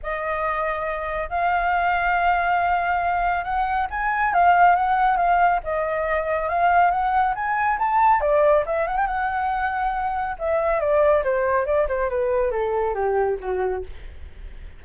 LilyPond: \new Staff \with { instrumentName = "flute" } { \time 4/4 \tempo 4 = 139 dis''2. f''4~ | f''1 | fis''4 gis''4 f''4 fis''4 | f''4 dis''2 f''4 |
fis''4 gis''4 a''4 d''4 | e''8 fis''16 g''16 fis''2. | e''4 d''4 c''4 d''8 c''8 | b'4 a'4 g'4 fis'4 | }